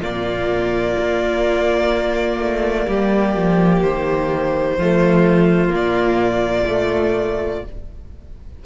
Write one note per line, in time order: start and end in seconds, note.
0.00 0.95 A#2
0.00 4.78 A#3
0.00 2.86 F4
0.00 3.82 D5
0.98 2.39 A#3
2.39 2.87 A3
2.87 3.35 G3
2.87 4.77 G4
3.35 3.83 F3
3.82 4.78 D#3
3.82 5.72 C5
4.77 5.72 F3
4.77 5.69 A3
4.77 7.63 F4
5.69 7.63 A#2
5.69 6.64 A#3
5.69 7.65 D5
6.66 7.62 A3